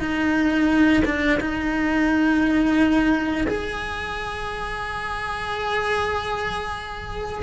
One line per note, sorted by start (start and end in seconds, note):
0.00 1.03 D#4
1.05 1.40 D4
1.40 3.47 D#4
3.48 7.43 G#4